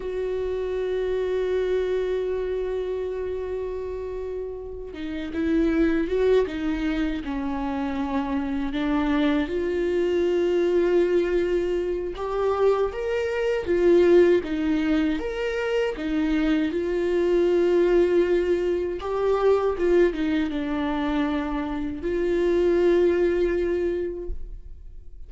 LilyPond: \new Staff \with { instrumentName = "viola" } { \time 4/4 \tempo 4 = 79 fis'1~ | fis'2~ fis'8 dis'8 e'4 | fis'8 dis'4 cis'2 d'8~ | d'8 f'2.~ f'8 |
g'4 ais'4 f'4 dis'4 | ais'4 dis'4 f'2~ | f'4 g'4 f'8 dis'8 d'4~ | d'4 f'2. | }